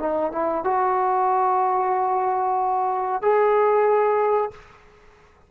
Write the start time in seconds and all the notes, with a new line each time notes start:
0.00 D#4
0.33 E4
0.65 F#4
3.22 G#4